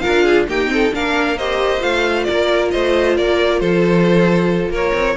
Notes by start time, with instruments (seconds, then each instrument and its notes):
0.00 viola F4, violin A#4 F5
0.07 cello D4
0.25 violin G#4
0.49 viola A#3, cello D#4, violin G4 G5
0.68 viola C4, violin A4
0.93 cello A#3, viola D4, violin A#4 F5
1.37 viola G4, violin C5 D#5
1.80 cello A3, viola F4, violin F5
2.24 cello A#3, violin A#4 D5
2.71 cello A3, violin C5 D#5
3.17 cello A#3, violin A#4 D5
3.60 cello F3, violin A4 C5
4.70 cello A#3, violin A#4 C#5
4.94 cello C4